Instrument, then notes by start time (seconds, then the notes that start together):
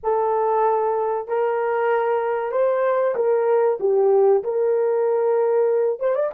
horn
0.03 A4
1.27 A#4
2.51 C5
3.15 A#4
3.80 G4
4.43 A#4
5.99 C5
6.15 D5